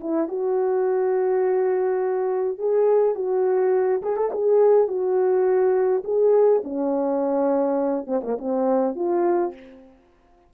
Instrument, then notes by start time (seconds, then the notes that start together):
horn
0.00 E4
0.28 F#4
2.58 G#4
3.15 F#4
4.02 G#4
4.16 A4
4.32 G#4
4.87 F#4
6.04 G#4
6.63 C#4
8.07 C4
8.23 A#3
8.38 C4
8.95 F4